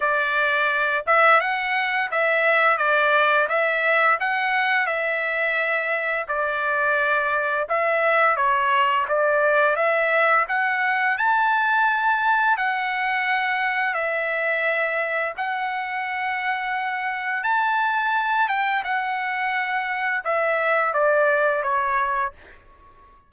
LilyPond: \new Staff \with { instrumentName = "trumpet" } { \time 4/4 \tempo 4 = 86 d''4. e''8 fis''4 e''4 | d''4 e''4 fis''4 e''4~ | e''4 d''2 e''4 | cis''4 d''4 e''4 fis''4 |
a''2 fis''2 | e''2 fis''2~ | fis''4 a''4. g''8 fis''4~ | fis''4 e''4 d''4 cis''4 | }